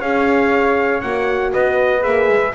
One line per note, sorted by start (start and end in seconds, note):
0.00 1.02 C#4
0.00 1.02 G#4
0.00 1.51 C#5
0.00 1.01 F5
1.01 1.53 A#3
1.01 2.00 F#4
1.01 1.52 F#5
1.52 2.05 B3
1.52 2.53 B4
1.52 2.03 D#5
2.00 2.28 A#3
2.00 2.51 G#4
2.00 2.54 E5
2.28 2.54 G#3